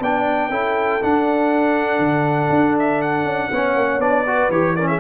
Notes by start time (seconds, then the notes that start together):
0.00 B3 D4 D5 G5
0.50 C#4 E4 A4
1.02 D4 F#5
1.99 D3
2.49 D4
2.79 E5
3.01 F#5
3.24 C#4
3.51 B3 C#4 C#5
3.76 A#3
3.99 B3 D4 D5
4.26 F#4 B4
4.49 E3 G4 C#5
4.75 C#4 A#4 D5
4.87 G#4 E5